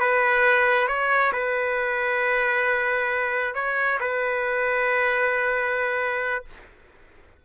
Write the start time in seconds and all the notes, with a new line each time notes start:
0.00 B4
0.88 C#5
1.33 B4
3.55 C#5
4.00 B4